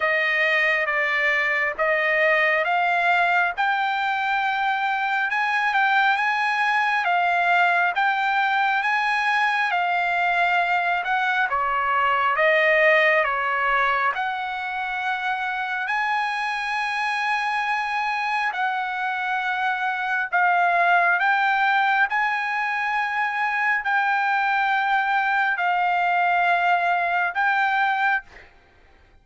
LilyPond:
\new Staff \with { instrumentName = "trumpet" } { \time 4/4 \tempo 4 = 68 dis''4 d''4 dis''4 f''4 | g''2 gis''8 g''8 gis''4 | f''4 g''4 gis''4 f''4~ | f''8 fis''8 cis''4 dis''4 cis''4 |
fis''2 gis''2~ | gis''4 fis''2 f''4 | g''4 gis''2 g''4~ | g''4 f''2 g''4 | }